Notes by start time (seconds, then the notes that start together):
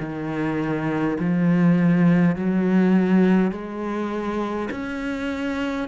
0.00 D#3
1.20 F3
2.36 F#3
3.51 G#3
4.71 C#4